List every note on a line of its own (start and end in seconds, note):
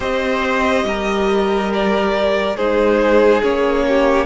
0.00 0.84 C4
0.00 2.55 G4
0.00 0.85 C5
0.00 1.72 D#5
0.84 2.55 G3
0.84 2.56 A#4
1.73 2.56 D5
2.56 3.41 G#3
2.56 3.42 D#4
2.56 3.84 G#4
2.56 3.42 C5
3.42 4.26 A#3
3.42 4.26 C#4
3.42 4.26 C#5
3.87 4.26 G4